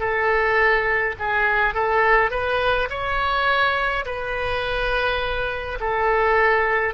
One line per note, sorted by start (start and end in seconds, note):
0.00 1.15 A4
1.20 1.75 G#4
1.75 2.31 A4
2.31 2.89 B4
2.90 4.05 C#5
4.06 5.79 B4
5.81 6.94 A4